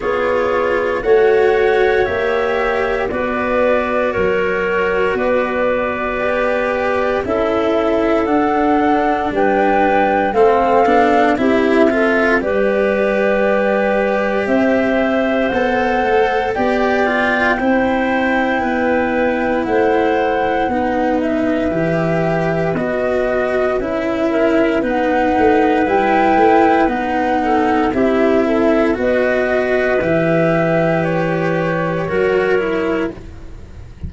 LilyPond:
<<
  \new Staff \with { instrumentName = "flute" } { \time 4/4 \tempo 4 = 58 cis''4 fis''4 e''4 d''4 | cis''4 d''2 e''4 | fis''4 g''4 f''4 e''4 | d''2 e''4 fis''4 |
g''2. fis''4~ | fis''8 e''4. dis''4 e''4 | fis''4 g''4 fis''4 e''4 | dis''4 e''4 cis''2 | }
  \new Staff \with { instrumentName = "clarinet" } { \time 4/4 gis'4 cis''2 b'4 | ais'4 b'2 a'4~ | a'4 b'4 a'4 g'8 a'8 | b'2 c''2 |
d''4 c''4 b'4 c''4 | b'2.~ b'8 ais'8 | b'2~ b'8 a'8 g'8 a'8 | b'2. ais'4 | }
  \new Staff \with { instrumentName = "cello" } { \time 4/4 f'4 fis'4 g'4 fis'4~ | fis'2 g'4 e'4 | d'2 c'8 d'8 e'8 f'8 | g'2. a'4 |
g'8 f'8 e'2. | dis'4 g'4 fis'4 e'4 | dis'4 e'4 dis'4 e'4 | fis'4 g'2 fis'8 e'8 | }
  \new Staff \with { instrumentName = "tuba" } { \time 4/4 b4 a4 ais4 b4 | fis4 b2 cis'4 | d'4 g4 a8 b8 c'4 | g2 c'4 b8 a8 |
b4 c'4 b4 a4 | b4 e4 b4 cis'4 | b8 a8 g8 a8 b4 c'4 | b4 e2 fis4 | }
>>